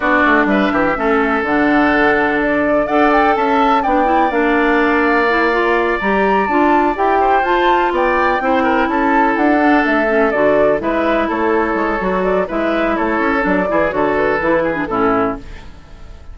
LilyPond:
<<
  \new Staff \with { instrumentName = "flute" } { \time 4/4 \tempo 4 = 125 d''4 e''2 fis''4~ | fis''4 d''4 fis''8 g''8 a''4 | g''4 f''2.~ | f''8 ais''4 a''4 g''4 a''8~ |
a''8 g''2 a''4 fis''8~ | fis''8 e''4 d''4 e''4 cis''8~ | cis''4. d''8 e''4 cis''4 | d''4 cis''8 b'4. a'4 | }
  \new Staff \with { instrumentName = "oboe" } { \time 4/4 fis'4 b'8 g'8 a'2~ | a'2 d''4 e''4 | d''1~ | d''2. c''4~ |
c''8 d''4 c''8 ais'8 a'4.~ | a'2~ a'8 b'4 a'8~ | a'2 b'4 a'4~ | a'8 gis'8 a'4. gis'8 e'4 | }
  \new Staff \with { instrumentName = "clarinet" } { \time 4/4 d'2 cis'4 d'4~ | d'2 a'2 | d'8 e'8 d'2 e'8 f'8~ | f'8 g'4 f'4 g'4 f'8~ |
f'4. e'2~ e'8 | d'4 cis'8 fis'4 e'4.~ | e'4 fis'4 e'2 | d'8 e'8 fis'4 e'8. d'16 cis'4 | }
  \new Staff \with { instrumentName = "bassoon" } { \time 4/4 b8 a8 g8 e8 a4 d4~ | d2 d'4 cis'4 | b4 ais2.~ | ais8 g4 d'4 e'4 f'8~ |
f'8 b4 c'4 cis'4 d'8~ | d'8 a4 d4 gis4 a8~ | a8 gis8 fis4 gis4 a8 cis'8 | fis8 e8 d4 e4 a,4 | }
>>